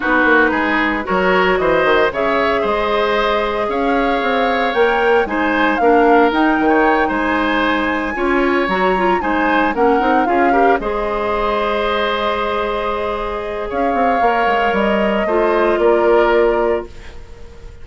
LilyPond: <<
  \new Staff \with { instrumentName = "flute" } { \time 4/4 \tempo 4 = 114 b'2 cis''4 dis''4 | e''4 dis''2 f''4~ | f''4 g''4 gis''4 f''4 | g''4. gis''2~ gis''8~ |
gis''8 ais''4 gis''4 fis''4 f''8~ | f''8 dis''2.~ dis''8~ | dis''2 f''2 | dis''2 d''2 | }
  \new Staff \with { instrumentName = "oboe" } { \time 4/4 fis'4 gis'4 ais'4 c''4 | cis''4 c''2 cis''4~ | cis''2 c''4 ais'4~ | ais'8. cis''8. c''2 cis''8~ |
cis''4. c''4 ais'4 gis'8 | ais'8 c''2.~ c''8~ | c''2 cis''2~ | cis''4 c''4 ais'2 | }
  \new Staff \with { instrumentName = "clarinet" } { \time 4/4 dis'2 fis'2 | gis'1~ | gis'4 ais'4 dis'4 d'4 | dis'2.~ dis'8 f'8~ |
f'8 fis'8 f'8 dis'4 cis'8 dis'8 f'8 | g'8 gis'2.~ gis'8~ | gis'2. ais'4~ | ais'4 f'2. | }
  \new Staff \with { instrumentName = "bassoon" } { \time 4/4 b8 ais8 gis4 fis4 e8 dis8 | cis4 gis2 cis'4 | c'4 ais4 gis4 ais4 | dis'8 dis4 gis2 cis'8~ |
cis'8 fis4 gis4 ais8 c'8 cis'8~ | cis'8 gis2.~ gis8~ | gis2 cis'8 c'8 ais8 gis8 | g4 a4 ais2 | }
>>